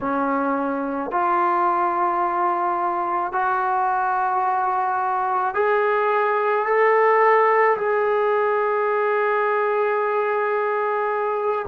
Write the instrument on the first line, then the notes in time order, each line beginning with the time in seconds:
trombone
0.00 C#4
1.11 F4
3.32 F#4
5.54 G#4
6.65 A4
7.77 G#4